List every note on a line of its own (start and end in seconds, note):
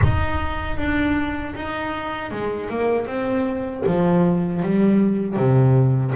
0.02 0.77 D#4
0.77 1.54 D4
1.55 2.31 D#4
2.31 2.69 G#3
2.69 3.06 A#3
3.06 3.83 C4
3.86 4.62 F3
4.62 5.36 G3
5.36 6.13 C3